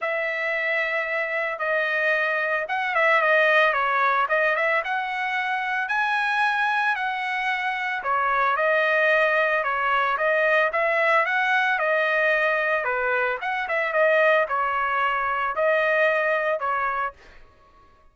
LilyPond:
\new Staff \with { instrumentName = "trumpet" } { \time 4/4 \tempo 4 = 112 e''2. dis''4~ | dis''4 fis''8 e''8 dis''4 cis''4 | dis''8 e''8 fis''2 gis''4~ | gis''4 fis''2 cis''4 |
dis''2 cis''4 dis''4 | e''4 fis''4 dis''2 | b'4 fis''8 e''8 dis''4 cis''4~ | cis''4 dis''2 cis''4 | }